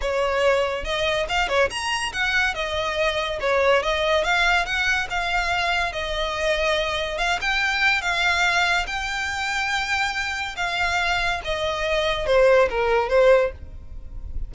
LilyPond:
\new Staff \with { instrumentName = "violin" } { \time 4/4 \tempo 4 = 142 cis''2 dis''4 f''8 cis''8 | ais''4 fis''4 dis''2 | cis''4 dis''4 f''4 fis''4 | f''2 dis''2~ |
dis''4 f''8 g''4. f''4~ | f''4 g''2.~ | g''4 f''2 dis''4~ | dis''4 c''4 ais'4 c''4 | }